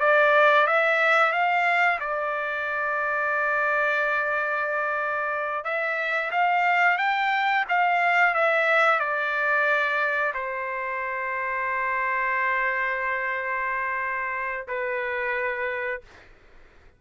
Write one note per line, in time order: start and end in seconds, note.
0.00 0.67 D5
0.67 1.32 E5
1.32 1.99 F5
2.00 5.64 D5
5.64 6.31 E5
6.31 6.98 F5
6.98 7.65 G5
7.68 8.35 F5
8.35 9.00 E5
9.00 10.33 D5
10.34 14.67 C5
14.68 16.01 B4